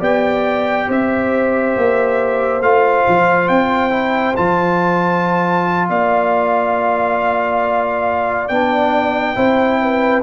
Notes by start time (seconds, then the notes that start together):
0.00 B3 G4 D5 G5
0.88 C4 C5 E5
1.77 A#3
2.62 A3 F4 F5
3.08 F3
3.48 C4 G5
3.90 E4
4.36 F3 F4 A5
5.89 A#3 D5 F5
8.48 B3 D4 G5
9.35 C4 E4 C5
9.82 B4